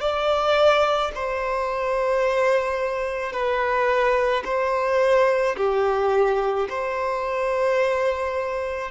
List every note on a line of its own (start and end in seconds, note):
0.00 1.11 D5
1.14 3.32 C5
3.32 4.43 B4
4.44 5.56 C5
5.57 6.68 G4
6.69 8.90 C5